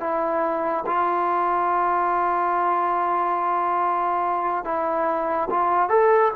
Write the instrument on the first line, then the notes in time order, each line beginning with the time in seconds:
trombone
0.00 E4
0.86 F4
4.64 E4
5.50 F4
5.89 A4